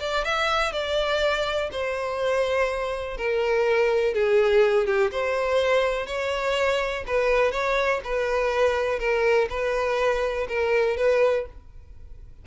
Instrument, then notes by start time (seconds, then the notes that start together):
violin
0.00 D5
0.25 E5
0.73 D5
1.72 C5
3.18 A#4
4.14 G#4
4.86 G4
5.11 C5
6.06 C#5
7.07 B4
7.52 C#5
8.04 B4
8.99 A#4
9.50 B4
10.49 A#4
10.97 B4